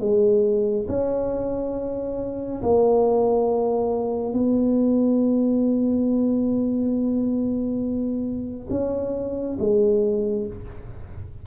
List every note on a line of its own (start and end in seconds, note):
0.00 0.87 G#3
0.89 2.62 C#4
2.63 4.34 A#3
4.34 8.68 B3
8.71 9.58 C#4
9.60 10.47 G#3